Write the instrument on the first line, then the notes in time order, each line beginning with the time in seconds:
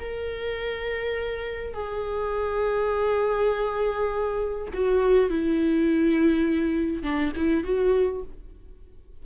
viola
0.00 A#4
1.74 G#4
4.74 F#4
5.30 E4
7.03 D4
7.36 E4
7.64 F#4